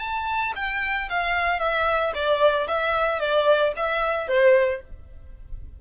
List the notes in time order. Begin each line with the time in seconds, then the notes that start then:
0.00 A5
0.56 G5
1.10 F5
1.60 E5
2.15 D5
2.68 E5
3.20 D5
3.77 E5
4.28 C5